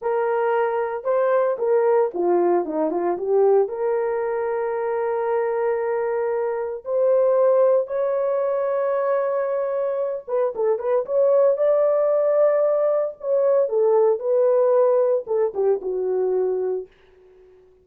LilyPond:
\new Staff \with { instrumentName = "horn" } { \time 4/4 \tempo 4 = 114 ais'2 c''4 ais'4 | f'4 dis'8 f'8 g'4 ais'4~ | ais'1~ | ais'4 c''2 cis''4~ |
cis''2.~ cis''8 b'8 | a'8 b'8 cis''4 d''2~ | d''4 cis''4 a'4 b'4~ | b'4 a'8 g'8 fis'2 | }